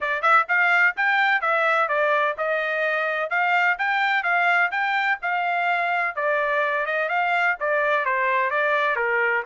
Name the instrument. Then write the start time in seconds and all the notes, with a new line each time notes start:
trumpet
0.00 D5
0.22 E5
0.48 F5
0.96 G5
1.41 E5
1.88 D5
2.37 D#5
3.29 F5
3.78 G5
4.23 F5
4.71 G5
5.22 F5
6.15 D5
6.85 D#5
7.09 F5
7.59 D5
8.05 C5
8.50 D5
8.95 A#4